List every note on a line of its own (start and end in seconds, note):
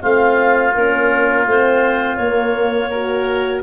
0.00 0.74 A3
0.00 0.72 C4
0.00 2.90 F4
0.00 0.74 F5
0.74 1.46 A#3
0.74 1.47 C#4
0.74 1.46 A#4
1.46 2.17 A3
1.46 2.20 C4
1.46 2.16 C5
2.16 3.62 A#3
2.16 2.92 A#3
2.16 3.61 C#5
2.90 3.62 F#4
2.90 3.62 A#4